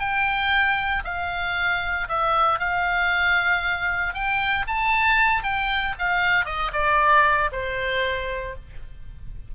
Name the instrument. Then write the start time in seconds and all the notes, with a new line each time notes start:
oboe
0.00 G5
1.05 F5
2.09 E5
2.60 F5
4.14 G5
4.67 A5
5.44 G5
5.99 F5
6.46 D#5
6.73 D5
7.52 C5